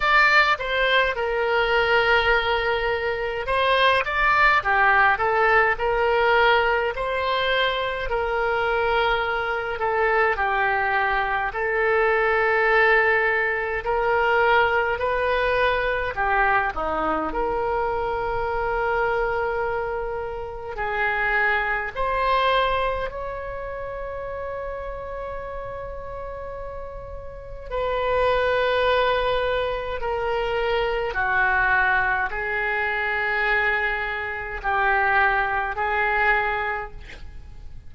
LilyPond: \new Staff \with { instrumentName = "oboe" } { \time 4/4 \tempo 4 = 52 d''8 c''8 ais'2 c''8 d''8 | g'8 a'8 ais'4 c''4 ais'4~ | ais'8 a'8 g'4 a'2 | ais'4 b'4 g'8 dis'8 ais'4~ |
ais'2 gis'4 c''4 | cis''1 | b'2 ais'4 fis'4 | gis'2 g'4 gis'4 | }